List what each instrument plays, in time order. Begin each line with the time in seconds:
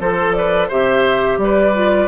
0.00 bassoon F3, oboe A4, clarinet A4, flute C5
0.32 oboe B4, flute D5
0.68 bassoon C3, clarinet G4, oboe C5, flute E5
1.37 bassoon G3, oboe B4, flute D5
1.74 clarinet F4